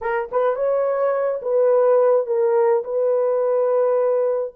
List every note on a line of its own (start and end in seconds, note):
0.01 0.29 A#4
0.31 0.55 B4
0.55 1.40 C#5
1.42 2.26 B4
2.26 2.83 A#4
2.84 4.53 B4